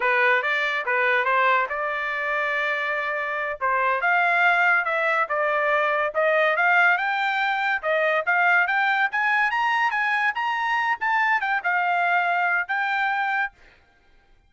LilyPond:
\new Staff \with { instrumentName = "trumpet" } { \time 4/4 \tempo 4 = 142 b'4 d''4 b'4 c''4 | d''1~ | d''8 c''4 f''2 e''8~ | e''8 d''2 dis''4 f''8~ |
f''8 g''2 dis''4 f''8~ | f''8 g''4 gis''4 ais''4 gis''8~ | gis''8 ais''4. a''4 g''8 f''8~ | f''2 g''2 | }